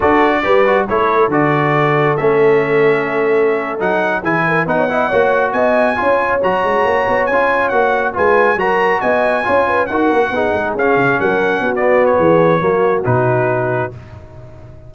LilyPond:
<<
  \new Staff \with { instrumentName = "trumpet" } { \time 4/4 \tempo 4 = 138 d''2 cis''4 d''4~ | d''4 e''2.~ | e''8. fis''4 gis''4 fis''4~ fis''16~ | fis''8. gis''2 ais''4~ ais''16~ |
ais''8. gis''4 fis''4 gis''4 ais''16~ | ais''8. gis''2 fis''4~ fis''16~ | fis''8. f''4 fis''4~ fis''16 d''8. cis''16~ | cis''2 b'2 | }
  \new Staff \with { instrumentName = "horn" } { \time 4/4 a'4 b'4 a'2~ | a'1~ | a'4.~ a'16 gis'8 ais'8 b'16 cis''16 dis''8 cis''16~ | cis''8. dis''4 cis''2~ cis''16~ |
cis''2~ cis''8. b'4 ais'16~ | ais'8. dis''4 cis''8 b'8 ais'4 gis'16~ | gis'4.~ gis'16 ais'4 fis'4~ fis'16 | gis'4 fis'2. | }
  \new Staff \with { instrumentName = "trombone" } { \time 4/4 fis'4 g'8 fis'8 e'4 fis'4~ | fis'4 cis'2.~ | cis'8. dis'4 e'4 dis'8 e'8 fis'16~ | fis'4.~ fis'16 f'4 fis'4~ fis'16~ |
fis'8. f'4 fis'4 f'4 fis'16~ | fis'4.~ fis'16 f'4 fis'4 dis'16~ | dis'8. cis'2~ cis'16 b4~ | b4 ais4 dis'2 | }
  \new Staff \with { instrumentName = "tuba" } { \time 4/4 d'4 g4 a4 d4~ | d4 a2.~ | a8. fis4 e4 b4 ais16~ | ais8. b4 cis'4 fis8 gis8 ais16~ |
ais16 b8 cis'4 ais4 gis4 fis16~ | fis8. b4 cis'4 dis'8 ais8 b16~ | b16 gis8 cis'8 cis8 fis4 b4~ b16 | e4 fis4 b,2 | }
>>